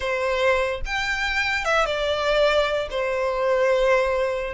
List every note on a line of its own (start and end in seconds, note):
0.00 0.81 C5
0.85 1.64 G5
1.64 1.85 E5
1.85 2.88 D5
2.90 4.54 C5